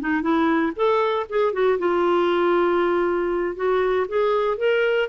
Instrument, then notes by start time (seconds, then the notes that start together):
clarinet
0.00 D#4
0.21 E4
0.76 A4
1.29 G#4
1.53 F#4
1.78 F4
3.55 F#4
4.08 G#4
4.57 A#4